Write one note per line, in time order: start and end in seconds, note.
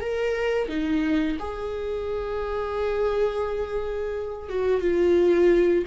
0.00 0.68 A#4
0.68 1.37 D#4
1.39 4.49 G#4
4.49 4.81 F#4
4.81 5.84 F4